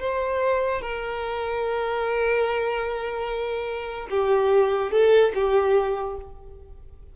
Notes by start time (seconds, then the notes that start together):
0.00 C5
0.82 A#4
4.10 G4
4.92 A4
5.35 G4